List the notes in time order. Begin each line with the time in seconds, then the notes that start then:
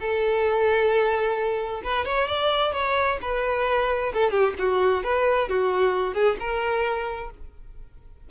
0.00 A4
1.83 B4
2.05 C#5
2.27 D5
2.73 C#5
3.22 B4
4.14 A4
4.31 G4
4.59 F#4
5.04 B4
5.49 F#4
6.14 G#4
6.40 A#4